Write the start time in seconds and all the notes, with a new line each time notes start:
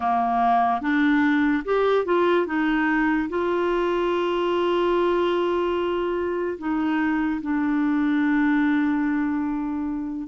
0.00 A#3
0.81 D4
1.64 G4
2.05 F4
2.46 D#4
3.29 F4
6.58 D#4
7.41 D4